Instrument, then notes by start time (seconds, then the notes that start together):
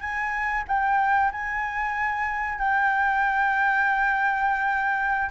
flute
0.00 G#5
0.68 G5
1.32 G#5
2.59 G5